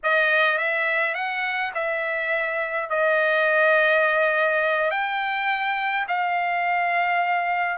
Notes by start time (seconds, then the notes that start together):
0.03 D#5
0.57 E5
1.14 F#5
1.74 E5
2.89 D#5
4.90 G5
6.08 F5